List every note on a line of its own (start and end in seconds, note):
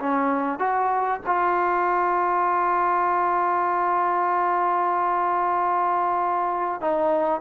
0.00 0.59 C#4
0.59 1.21 F#4
1.27 6.81 F4
6.81 7.41 D#4